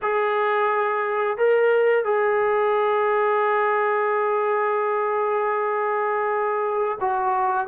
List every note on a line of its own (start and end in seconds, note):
0.02 1.37 G#4
1.37 2.04 A#4
2.04 6.98 G#4
7.00 7.67 F#4